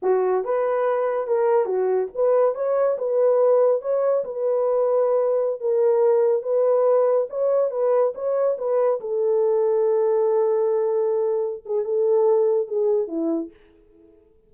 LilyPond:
\new Staff \with { instrumentName = "horn" } { \time 4/4 \tempo 4 = 142 fis'4 b'2 ais'4 | fis'4 b'4 cis''4 b'4~ | b'4 cis''4 b'2~ | b'4~ b'16 ais'2 b'8.~ |
b'4~ b'16 cis''4 b'4 cis''8.~ | cis''16 b'4 a'2~ a'8.~ | a'2.~ a'8 gis'8 | a'2 gis'4 e'4 | }